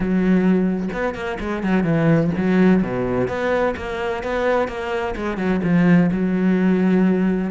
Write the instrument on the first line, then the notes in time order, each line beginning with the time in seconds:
cello
0.00 F#3
0.93 B3
1.14 A#3
1.40 G#3
1.63 F#3
1.83 E3
2.37 F#3
2.82 B2
3.27 B3
3.76 A#3
4.23 B3
4.68 A#3
5.16 G#3
5.37 F#3
5.63 F3
6.11 F#3